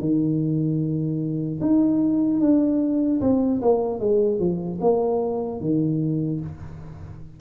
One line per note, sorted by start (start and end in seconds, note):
0.00 1.60 D#3
1.61 2.40 D#4
2.40 3.20 D4
3.21 3.61 C4
3.61 4.00 A#3
4.00 4.39 G#3
4.39 4.79 F3
4.81 5.60 A#3
5.60 6.40 D#3